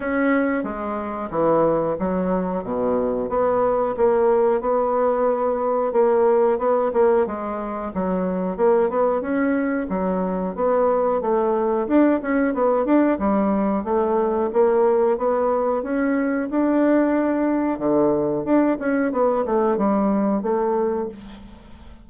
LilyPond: \new Staff \with { instrumentName = "bassoon" } { \time 4/4 \tempo 4 = 91 cis'4 gis4 e4 fis4 | b,4 b4 ais4 b4~ | b4 ais4 b8 ais8 gis4 | fis4 ais8 b8 cis'4 fis4 |
b4 a4 d'8 cis'8 b8 d'8 | g4 a4 ais4 b4 | cis'4 d'2 d4 | d'8 cis'8 b8 a8 g4 a4 | }